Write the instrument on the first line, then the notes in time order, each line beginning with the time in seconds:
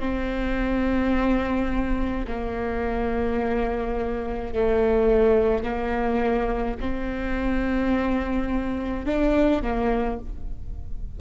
viola
0.00 C4
2.27 A#3
4.54 A3
5.63 A#3
6.81 C4
9.06 D4
9.63 A#3